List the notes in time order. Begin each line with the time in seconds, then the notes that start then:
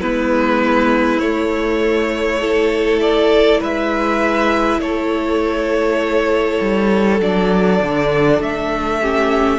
0.00 G#3 B3 E4 B4
1.19 A3 C#5
2.40 E4 A4
3.00 D5
3.60 G#3 B4 E5
4.79 A3 A4 C#5
6.60 G3
7.19 F#3 D4 D5
7.82 D3
8.39 A3 E5
9.01 C#4 G4